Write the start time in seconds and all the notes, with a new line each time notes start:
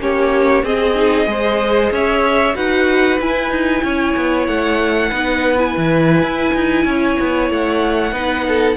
0.00 A#3 C#4 G4 C#5
0.63 C4 G#4 D#5
0.96 D#4
1.26 G#3 G#4 C5
1.92 C#4 C#5 E5
2.56 D#4 F#4 B4 F#5
3.20 E4 G#5
3.50 D#4
3.84 C#4 C#5
4.17 B3
4.48 A3 F#5
5.10 B3 D#4 B4
5.58 E4 G#5
5.77 E3
6.22 E4
6.55 D#4
6.85 C#4 C#5
7.20 B3
7.50 A3 F#5
8.12 B3 D#4 B4
8.49 A4